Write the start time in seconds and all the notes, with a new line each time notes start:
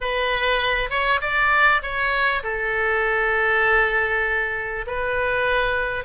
0.01 B4
0.90 C#5
1.21 D5
1.82 C#5
2.43 A4
4.87 B4